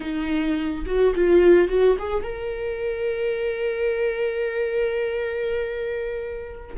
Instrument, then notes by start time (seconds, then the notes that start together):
viola
0.00 D#4
0.85 F#4
1.15 F4
1.68 F#4
1.98 G#4
2.23 A#4